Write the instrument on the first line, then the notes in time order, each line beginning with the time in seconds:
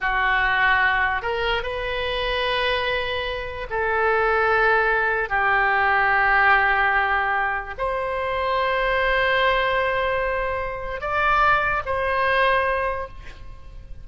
oboe
0.01 F#4
1.22 A#4
1.63 B4
3.69 A4
5.29 G4
7.78 C5
11.00 D5
11.85 C5